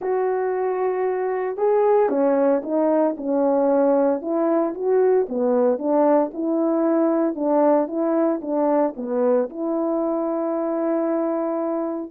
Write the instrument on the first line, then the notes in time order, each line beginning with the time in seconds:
horn
0.01 F#4
1.57 G#4
2.09 C#4
2.63 D#4
3.17 C#4
4.21 E4
4.74 F#4
5.28 B3
5.78 D4
6.33 E4
7.35 D4
7.87 E4
8.41 D4
8.96 B3
9.49 E4